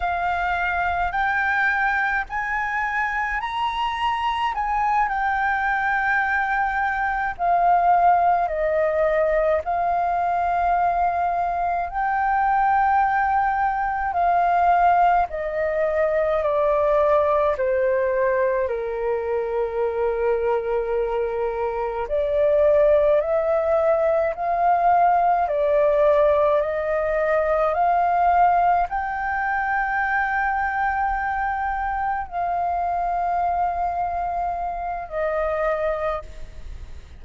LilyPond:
\new Staff \with { instrumentName = "flute" } { \time 4/4 \tempo 4 = 53 f''4 g''4 gis''4 ais''4 | gis''8 g''2 f''4 dis''8~ | dis''8 f''2 g''4.~ | g''8 f''4 dis''4 d''4 c''8~ |
c''8 ais'2. d''8~ | d''8 e''4 f''4 d''4 dis''8~ | dis''8 f''4 g''2~ g''8~ | g''8 f''2~ f''8 dis''4 | }